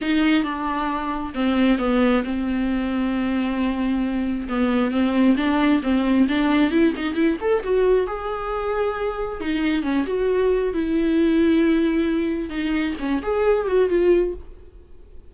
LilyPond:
\new Staff \with { instrumentName = "viola" } { \time 4/4 \tempo 4 = 134 dis'4 d'2 c'4 | b4 c'2.~ | c'2 b4 c'4 | d'4 c'4 d'4 e'8 dis'8 |
e'8 a'8 fis'4 gis'2~ | gis'4 dis'4 cis'8 fis'4. | e'1 | dis'4 cis'8 gis'4 fis'8 f'4 | }